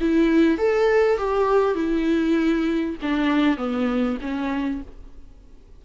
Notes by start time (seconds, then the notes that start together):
0.00 E4
0.58 A4
1.17 G4
1.75 E4
3.02 D4
3.57 B3
4.21 C#4